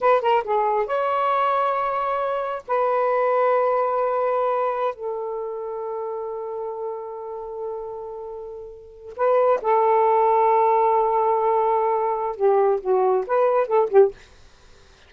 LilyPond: \new Staff \with { instrumentName = "saxophone" } { \time 4/4 \tempo 4 = 136 b'8 ais'8 gis'4 cis''2~ | cis''2 b'2~ | b'2.~ b'16 a'8.~ | a'1~ |
a'1~ | a'8. b'4 a'2~ a'16~ | a'1 | g'4 fis'4 b'4 a'8 g'8 | }